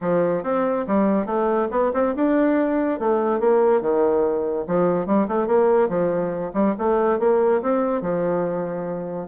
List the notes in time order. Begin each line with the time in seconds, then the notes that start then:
0.01 F3
0.43 C4
0.87 G3
1.26 A3
1.71 B3
1.93 C4
2.15 D4
2.99 A3
3.40 A#3
3.81 D#3
4.67 F3
5.06 G3
5.28 A3
5.47 A#3
5.88 F3
6.53 G3
6.78 A3
7.19 A#3
7.62 C4
8.01 F3